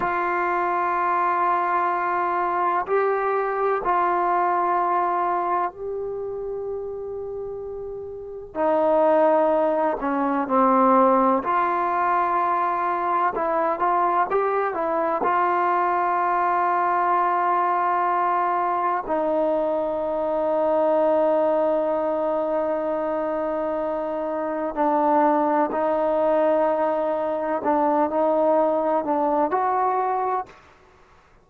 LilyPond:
\new Staff \with { instrumentName = "trombone" } { \time 4/4 \tempo 4 = 63 f'2. g'4 | f'2 g'2~ | g'4 dis'4. cis'8 c'4 | f'2 e'8 f'8 g'8 e'8 |
f'1 | dis'1~ | dis'2 d'4 dis'4~ | dis'4 d'8 dis'4 d'8 fis'4 | }